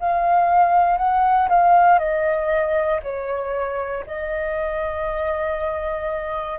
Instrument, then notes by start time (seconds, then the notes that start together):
flute
0.00 F5
0.98 F#5
1.49 F5
1.99 D#5
3.03 C#5
4.07 D#5